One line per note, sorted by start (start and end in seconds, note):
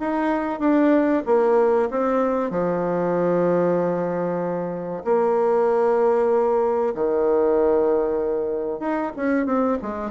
0.00 0.59 D#4
0.59 1.23 D4
1.26 1.89 A#3
1.90 2.51 C4
2.51 5.03 F3
5.04 6.94 A#3
6.94 8.80 D#3
8.80 9.11 D#4
9.16 9.46 C#4
9.46 9.78 C4
9.82 10.11 G#3